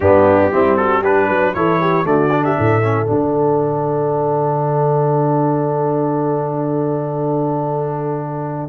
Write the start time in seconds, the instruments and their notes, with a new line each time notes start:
0.00 tuba G2, trombone B3, horn D4, trumpet G4
0.51 tuba G3, trombone C4, horn E4
0.76 horn F#4, trumpet A4
1.01 trombone D4, horn G4, trumpet B4
1.26 tuba F#3, horn B4
1.54 tuba E3, trombone E4, horn A4, trumpet C#5
1.80 horn G4
2.04 tuba D3, trombone A3, horn F#4, trumpet D5
2.31 trombone D4
2.43 horn G4, trumpet E5
2.57 tuba A2, horn A4
2.82 trombone C#4
3.05 tuba D3, trombone D4, trumpet F#5